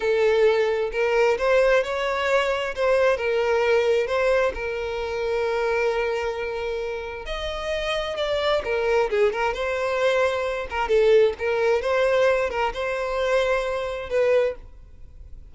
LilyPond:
\new Staff \with { instrumentName = "violin" } { \time 4/4 \tempo 4 = 132 a'2 ais'4 c''4 | cis''2 c''4 ais'4~ | ais'4 c''4 ais'2~ | ais'1 |
dis''2 d''4 ais'4 | gis'8 ais'8 c''2~ c''8 ais'8 | a'4 ais'4 c''4. ais'8 | c''2. b'4 | }